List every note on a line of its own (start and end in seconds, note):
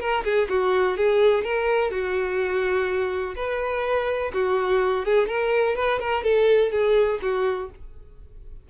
0.00 0.24 A#4
0.24 0.48 G#4
0.49 0.97 F#4
0.97 1.44 G#4
1.44 1.91 A#4
1.91 3.35 F#4
3.36 4.32 B4
4.34 5.05 F#4
5.05 5.28 G#4
5.28 5.76 A#4
5.76 6.00 B4
6.00 6.24 A#4
6.24 6.71 A4
6.71 7.19 G#4
7.22 7.70 F#4